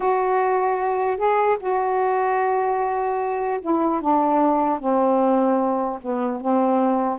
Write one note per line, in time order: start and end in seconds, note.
0.00 1.17 F#4
1.17 1.57 G#4
1.60 3.60 F#4
3.61 4.01 E4
4.01 4.79 D4
4.79 5.99 C4
6.01 6.40 B3
6.40 7.18 C4